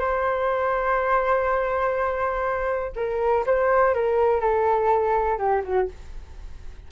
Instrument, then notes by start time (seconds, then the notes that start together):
flute
0.00 C5
2.96 A#4
3.47 C5
3.95 A#4
4.41 A4
5.39 G4
5.65 F#4